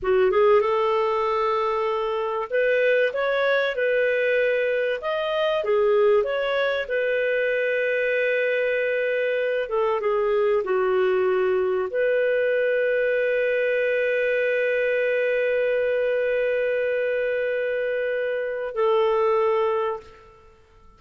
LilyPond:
\new Staff \with { instrumentName = "clarinet" } { \time 4/4 \tempo 4 = 96 fis'8 gis'8 a'2. | b'4 cis''4 b'2 | dis''4 gis'4 cis''4 b'4~ | b'2.~ b'8 a'8 |
gis'4 fis'2 b'4~ | b'1~ | b'1~ | b'2 a'2 | }